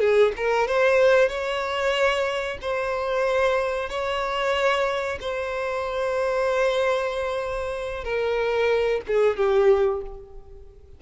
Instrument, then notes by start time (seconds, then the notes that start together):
violin
0.00 G#4
0.37 A#4
0.68 C5
1.29 C#5
2.62 C5
3.89 C#5
5.21 C5
8.04 A#4
9.07 G#4
9.37 G4